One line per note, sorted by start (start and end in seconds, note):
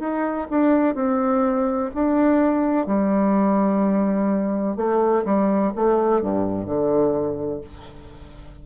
0.00 0.48 D#4
0.50 0.95 D4
0.95 1.90 C4
1.95 2.87 D4
2.87 4.77 G3
4.77 5.25 A3
5.26 5.73 G3
5.76 6.22 A3
6.22 6.66 G2
6.66 7.61 D3